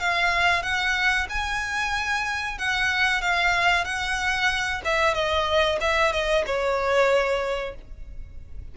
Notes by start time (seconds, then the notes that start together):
0.00 F5
0.63 F#5
1.30 G#5
2.59 F#5
3.21 F5
3.85 F#5
4.85 E5
5.14 D#5
5.81 E5
6.13 D#5
6.46 C#5